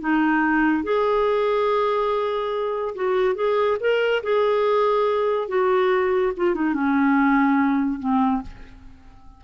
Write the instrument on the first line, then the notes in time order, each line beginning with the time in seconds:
clarinet
0.00 D#4
0.83 G#4
2.95 F#4
3.35 G#4
3.80 A#4
4.23 G#4
5.48 F#4
6.36 F4
6.54 D#4
6.73 C#4
7.99 C4